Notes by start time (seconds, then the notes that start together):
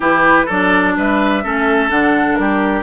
0.00 E3 E4 G4 B4
0.45 F#3 D4 A4 D5
0.97 G3 B4 E5
1.43 A3 C#4 A4
1.89 D3 D4 F#5
2.35 G3 G4 A#4